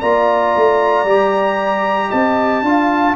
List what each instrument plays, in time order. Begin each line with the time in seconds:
0.00 tuba A#3, trombone F4, horn D5, trumpet A#5
0.55 tuba A3
1.04 tuba G3, trombone G4
2.09 tuba C4, horn D#5, trumpet A5
2.61 tuba D4, trombone F4, horn F5